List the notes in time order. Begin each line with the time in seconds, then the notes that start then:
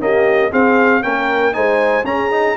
0.00 A#3 C#4 G4 D#5
0.51 C4 G#4 F5
1.02 A#3 C#4 A#4 G5
1.53 G#3 D#4 C5 G#5
2.05 C#4 G#4 A#5
2.31 D#4